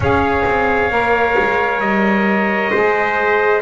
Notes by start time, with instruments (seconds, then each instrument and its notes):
0.00 double bass C#4, saxophone G#4, trumpet C#5 F5
0.45 double bass C4
0.90 double bass A#3, saxophone A#4
1.38 double bass G#3
1.80 double bass G3, trumpet D#5
2.70 double bass G#3, saxophone G#4, trumpet C5